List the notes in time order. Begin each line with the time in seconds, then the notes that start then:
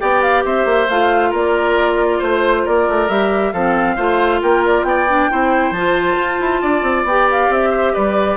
0.00 B3 G4 D5 G5
0.22 F5
0.45 C4 C5 E5
0.66 A#3
0.89 A3 F4 F5
1.30 A#3 A#4 D5
2.19 A3 C5
2.65 A#3 A#4 D5
2.89 A3
3.09 G3 G4 E5
3.53 F3 C4 A4 F5
3.96 A3 F4 C5
4.42 A#3 A#4 G5
4.66 D5
4.84 B3 D5 G5
5.09 D4
5.30 C4 E4 C5
5.72 F3 F4 A5
6.17 F4
6.40 E4
6.62 D4 D5
6.83 C4
7.05 B3 G4 G5
7.32 F5
7.50 C4 E5
7.71 C5
7.95 G3 B4 D5